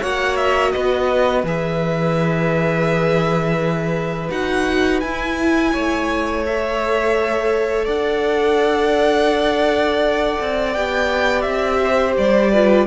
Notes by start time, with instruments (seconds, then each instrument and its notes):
0.00 cello A#3, viola F#4, violin C#5 F#5
0.36 violin E5
0.71 cello B3, violin B4 D#5
1.43 cello E3, viola G#4, violin E5
4.30 cello D#4, viola F#4, violin F#5
5.00 cello E4, viola E4, violin G#5
5.72 cello A3, violin C#5
6.46 viola A4, violin E5
7.85 cello D4, violin D5 F#5
10.40 cello C4
10.72 cello B3, viola G4, violin G5
11.41 cello C4, violin E5
11.83 violin C5
12.17 cello G3, violin D5
12.51 viola F4, violin B4